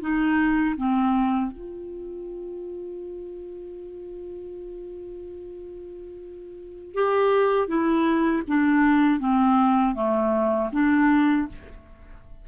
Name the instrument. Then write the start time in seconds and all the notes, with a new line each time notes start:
clarinet
0.00 D#4
0.77 C4
1.51 F4
6.94 G4
7.67 E4
8.47 D4
9.19 C4
9.94 A3
10.72 D4